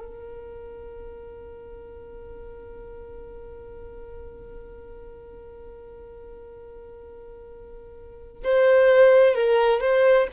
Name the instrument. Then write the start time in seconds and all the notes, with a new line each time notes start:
violin
0.00 A#4
8.44 C5
9.35 A#4
9.81 C5